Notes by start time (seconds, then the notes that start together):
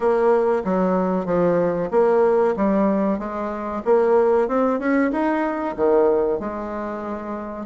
0.00 A#3
0.64 F#3
1.25 F3
1.91 A#3
2.56 G3
3.18 G#3
3.84 A#3
4.48 C4
4.79 C#4
5.11 D#4
5.76 D#3
6.39 G#3